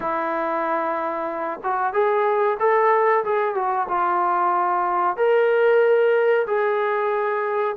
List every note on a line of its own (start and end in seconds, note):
0.00 1.60 E4
1.63 1.93 F#4
1.93 2.57 G#4
2.59 3.23 A4
3.24 3.55 G#4
3.55 3.87 F#4
3.88 5.16 F4
5.16 6.45 A#4
6.47 7.76 G#4